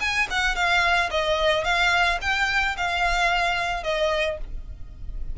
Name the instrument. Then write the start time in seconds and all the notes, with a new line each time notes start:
violin
0.00 G#5
0.30 F#5
0.55 F5
1.11 D#5
1.64 F5
2.21 G5
2.77 F5
3.83 D#5